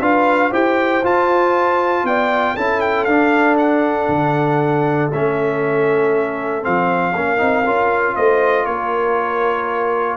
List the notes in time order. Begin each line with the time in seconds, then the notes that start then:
0.00 D4 F4 B4 F5
0.51 E4 G4 C5 G5
1.04 F4 A5
2.04 B3 D5 G5
2.55 C#4 E4 A4 A5
2.81 G5
3.05 D4 F5
3.58 F#5
4.09 D3
5.12 A3 C#4 E5
6.62 F3 C4 F5
7.14 A#3 C#4 A#4
7.38 C4 D#4
7.65 C#4 F4
8.15 A3 C5 D#5
8.66 A#3 A#4 C#5